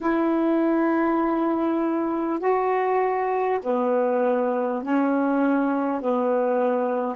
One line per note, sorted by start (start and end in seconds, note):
0.00 2.39 E4
2.39 3.59 F#4
3.62 4.82 B3
4.83 6.01 C#4
6.01 7.16 B3